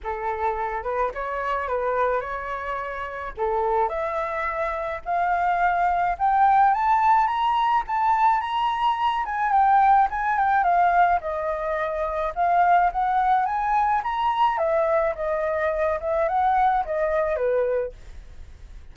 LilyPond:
\new Staff \with { instrumentName = "flute" } { \time 4/4 \tempo 4 = 107 a'4. b'8 cis''4 b'4 | cis''2 a'4 e''4~ | e''4 f''2 g''4 | a''4 ais''4 a''4 ais''4~ |
ais''8 gis''8 g''4 gis''8 g''8 f''4 | dis''2 f''4 fis''4 | gis''4 ais''4 e''4 dis''4~ | dis''8 e''8 fis''4 dis''4 b'4 | }